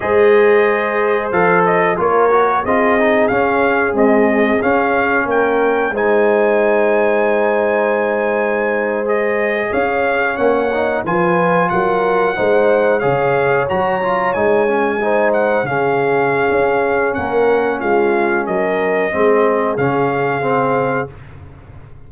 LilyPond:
<<
  \new Staff \with { instrumentName = "trumpet" } { \time 4/4 \tempo 4 = 91 dis''2 f''8 dis''8 cis''4 | dis''4 f''4 dis''4 f''4 | g''4 gis''2.~ | gis''4.~ gis''16 dis''4 f''4 fis''16~ |
fis''8. gis''4 fis''2 f''16~ | f''8. ais''4 gis''4. fis''8 f''16~ | f''2 fis''4 f''4 | dis''2 f''2 | }
  \new Staff \with { instrumentName = "horn" } { \time 4/4 c''2. ais'4 | gis'1 | ais'4 c''2.~ | c''2~ c''8. cis''4~ cis''16~ |
cis''8. b'4 ais'4 c''4 cis''16~ | cis''2~ cis''8. c''4 gis'16~ | gis'2 ais'4 f'4 | ais'4 gis'2. | }
  \new Staff \with { instrumentName = "trombone" } { \time 4/4 gis'2 a'4 f'8 fis'8 | f'8 dis'8 cis'4 gis4 cis'4~ | cis'4 dis'2.~ | dis'4.~ dis'16 gis'2 cis'16~ |
cis'16 dis'8 f'2 dis'4 gis'16~ | gis'8. fis'8 f'8 dis'8 cis'8 dis'4 cis'16~ | cis'1~ | cis'4 c'4 cis'4 c'4 | }
  \new Staff \with { instrumentName = "tuba" } { \time 4/4 gis2 f4 ais4 | c'4 cis'4 c'4 cis'4 | ais4 gis2.~ | gis2~ gis8. cis'4 ais16~ |
ais8. f4 fis4 gis4 cis16~ | cis8. fis4 gis2 cis16~ | cis4 cis'4 ais4 gis4 | fis4 gis4 cis2 | }
>>